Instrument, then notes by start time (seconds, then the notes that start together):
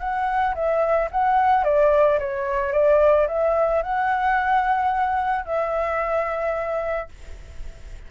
flute
0.00 F#5
0.55 E5
1.12 F#5
1.64 D5
2.20 C#5
2.73 D5
3.28 E5
3.83 F#5
5.45 E5